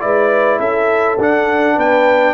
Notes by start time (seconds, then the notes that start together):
0.00 G#3 E4 B4 D5
0.58 C#4 A4 E5
1.18 D4 F#5
1.75 B3 B4 G5